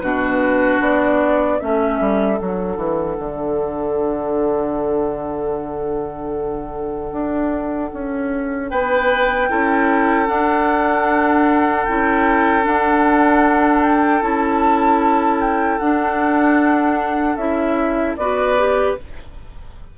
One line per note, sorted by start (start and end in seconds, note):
0.00 0.81 B2
0.00 1.61 D4
0.00 1.61 F#4
0.00 0.79 B4
0.81 1.60 B3
0.81 1.60 D5
1.60 2.00 A3
1.60 2.37 C#4
1.60 8.71 A4
1.60 2.39 E5
2.00 2.40 G3
2.37 2.77 F#3
2.37 9.48 D4
2.37 8.70 F#5
2.77 3.17 E3
3.20 7.12 D3
7.12 7.91 D4
7.94 8.72 C#4
8.70 9.50 B3
8.70 9.50 B4
8.70 10.28 G5
9.50 10.29 C#4
9.50 10.27 E4
9.50 18.19 A4
10.27 11.85 D4
10.27 11.87 D4
10.27 11.86 F#5
11.86 12.67 C#4
11.86 12.63 E4
11.86 12.65 G5
12.63 14.21 D4
12.63 14.22 D4
12.63 13.83 F#5
13.83 14.23 G5
14.22 15.80 C#4
14.22 15.80 E4
14.22 15.41 A5
15.41 15.79 G5
15.79 17.37 D4
15.79 17.39 D4
15.79 17.37 F#5
17.37 18.16 C#4
17.37 18.18 E4
17.37 18.16 E5
18.17 18.97 B3
18.17 18.59 F#4
18.17 18.98 B4
18.17 18.96 D5
18.59 18.98 G4